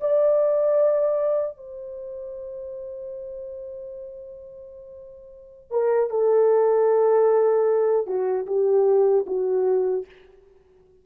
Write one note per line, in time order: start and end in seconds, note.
0.00 1.57 D5
1.57 5.71 C5
5.71 6.10 A#4
6.10 8.06 A4
8.06 8.46 F#4
8.46 9.25 G4
9.26 10.05 F#4